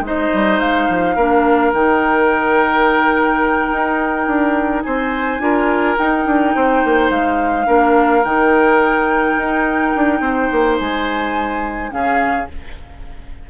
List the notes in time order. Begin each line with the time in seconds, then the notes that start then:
0.00 G#3 D#4 D#5
0.06 C5
0.33 G3
0.59 G#3 F5
0.88 F3
1.15 A#3 D4 A#4
1.72 D#3 D#4 G5
3.72 D#4
4.27 D4
4.82 C4 C5 G#5
5.39 D4 F4 A#4
5.96 D#4 G5
6.25 D4
6.55 C4 C5
6.84 A#3
7.10 G#3 F5
7.66 A#3 D4 A#4
8.23 D#3 D#4 G5
9.37 D#4
9.95 D4
10.20 C4 C5
10.51 A#3
10.78 G#3 G#5
11.90 C#3 C#4 G#4 F5